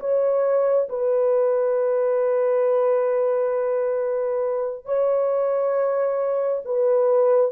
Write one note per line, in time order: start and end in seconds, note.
0.00 0.88 C#5
0.89 4.85 B4
4.85 6.62 C#5
6.65 7.52 B4